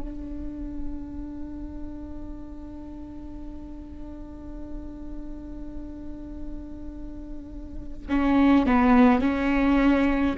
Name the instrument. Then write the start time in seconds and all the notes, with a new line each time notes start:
viola
0.00 D4
8.09 C#4
8.66 B3
9.21 C#4